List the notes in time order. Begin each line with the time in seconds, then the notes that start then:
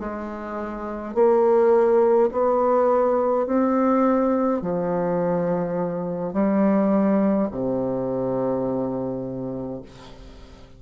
0.00 G#3
1.14 A#3
2.32 B3
3.46 C4
4.62 F3
6.33 G3
7.52 C3